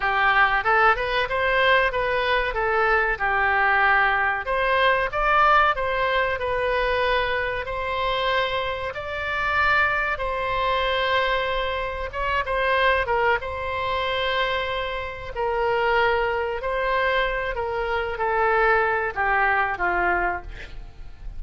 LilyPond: \new Staff \with { instrumentName = "oboe" } { \time 4/4 \tempo 4 = 94 g'4 a'8 b'8 c''4 b'4 | a'4 g'2 c''4 | d''4 c''4 b'2 | c''2 d''2 |
c''2. cis''8 c''8~ | c''8 ais'8 c''2. | ais'2 c''4. ais'8~ | ais'8 a'4. g'4 f'4 | }